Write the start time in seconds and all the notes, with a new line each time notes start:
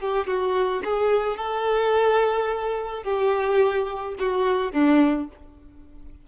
0.00 G4
0.27 F#4
0.84 G#4
1.37 A4
3.04 G4
4.19 F#4
4.72 D4